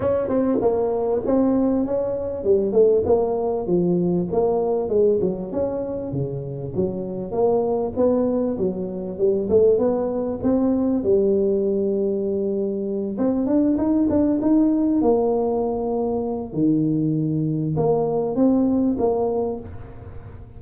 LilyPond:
\new Staff \with { instrumentName = "tuba" } { \time 4/4 \tempo 4 = 98 cis'8 c'8 ais4 c'4 cis'4 | g8 a8 ais4 f4 ais4 | gis8 fis8 cis'4 cis4 fis4 | ais4 b4 fis4 g8 a8 |
b4 c'4 g2~ | g4. c'8 d'8 dis'8 d'8 dis'8~ | dis'8 ais2~ ais8 dis4~ | dis4 ais4 c'4 ais4 | }